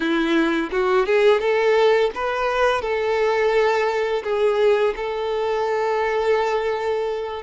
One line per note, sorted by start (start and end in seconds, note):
0.00 0.70 E4
0.71 1.06 F#4
1.06 1.40 G#4
1.40 2.10 A4
2.15 2.81 B4
2.81 4.23 A4
4.24 4.94 G#4
4.96 7.42 A4